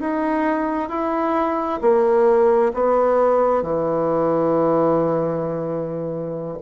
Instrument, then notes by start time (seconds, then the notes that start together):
bassoon
0.00 D#4
0.89 E4
1.81 A#3
2.74 B3
3.62 E3